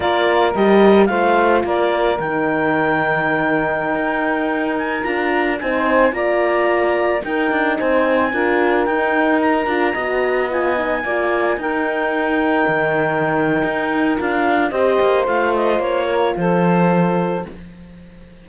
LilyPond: <<
  \new Staff \with { instrumentName = "clarinet" } { \time 4/4 \tempo 4 = 110 d''4 dis''4 f''4 d''4 | g''1~ | g''8. gis''8 ais''4 gis''4 ais''8.~ | ais''4~ ais''16 g''4 gis''4.~ gis''16~ |
gis''16 g''4 ais''2 gis''8.~ | gis''4~ gis''16 g''2~ g''8.~ | g''2 f''4 dis''4 | f''8 dis''8 cis''4 c''2 | }
  \new Staff \with { instrumentName = "saxophone" } { \time 4/4 ais'2 c''4 ais'4~ | ais'1~ | ais'2~ ais'16 c''4 d''8.~ | d''4~ d''16 ais'4 c''4 ais'8.~ |
ais'2~ ais'16 dis''4.~ dis''16~ | dis''16 d''4 ais'2~ ais'8.~ | ais'2. c''4~ | c''4. ais'8 a'2 | }
  \new Staff \with { instrumentName = "horn" } { \time 4/4 f'4 g'4 f'2 | dis'1~ | dis'4~ dis'16 f'4 dis'4 f'8.~ | f'4~ f'16 dis'2 f'8.~ |
f'16 dis'4. f'8 fis'4 f'8 dis'16~ | dis'16 f'4 dis'2~ dis'8.~ | dis'2 f'4 g'4 | f'1 | }
  \new Staff \with { instrumentName = "cello" } { \time 4/4 ais4 g4 a4 ais4 | dis2.~ dis16 dis'8.~ | dis'4~ dis'16 d'4 c'4 ais8.~ | ais4~ ais16 dis'8 d'8 c'4 d'8.~ |
d'16 dis'4. d'8 b4.~ b16~ | b16 ais4 dis'2 dis8.~ | dis4 dis'4 d'4 c'8 ais8 | a4 ais4 f2 | }
>>